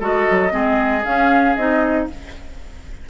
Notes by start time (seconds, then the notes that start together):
0.00 G#3 F#4 A4 D#5
0.31 F#3
0.50 G#3 C4 G#4
1.04 C#4 F5
1.56 C4 D#4 D#5